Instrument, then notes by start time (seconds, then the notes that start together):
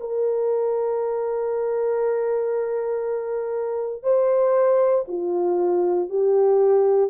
horn
0.00 A#4
4.03 C5
5.08 F4
6.09 G4